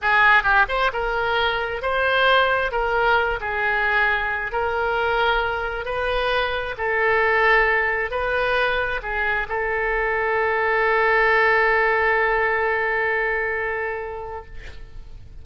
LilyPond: \new Staff \with { instrumentName = "oboe" } { \time 4/4 \tempo 4 = 133 gis'4 g'8 c''8 ais'2 | c''2 ais'4. gis'8~ | gis'2 ais'2~ | ais'4 b'2 a'4~ |
a'2 b'2 | gis'4 a'2.~ | a'1~ | a'1 | }